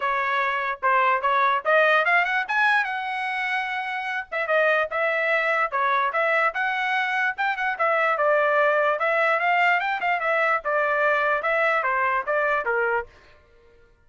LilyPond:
\new Staff \with { instrumentName = "trumpet" } { \time 4/4 \tempo 4 = 147 cis''2 c''4 cis''4 | dis''4 f''8 fis''8 gis''4 fis''4~ | fis''2~ fis''8 e''8 dis''4 | e''2 cis''4 e''4 |
fis''2 g''8 fis''8 e''4 | d''2 e''4 f''4 | g''8 f''8 e''4 d''2 | e''4 c''4 d''4 ais'4 | }